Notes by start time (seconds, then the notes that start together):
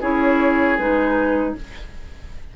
0.00 C#4 E4 G#4 C#5
0.78 G#3 D#4 B4